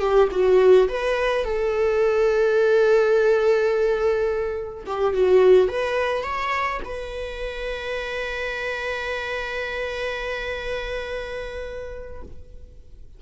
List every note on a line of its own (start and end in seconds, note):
0.00 0.28 G4
0.32 0.88 F#4
0.89 1.45 B4
1.45 4.84 A4
4.86 5.14 G4
5.14 5.68 F#4
5.68 6.24 B4
6.24 6.80 C#5
6.85 12.22 B4